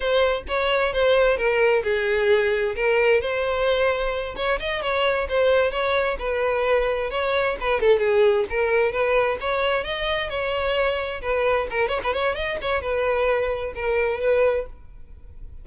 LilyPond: \new Staff \with { instrumentName = "violin" } { \time 4/4 \tempo 4 = 131 c''4 cis''4 c''4 ais'4 | gis'2 ais'4 c''4~ | c''4. cis''8 dis''8 cis''4 c''8~ | c''8 cis''4 b'2 cis''8~ |
cis''8 b'8 a'8 gis'4 ais'4 b'8~ | b'8 cis''4 dis''4 cis''4.~ | cis''8 b'4 ais'8 cis''16 b'16 cis''8 dis''8 cis''8 | b'2 ais'4 b'4 | }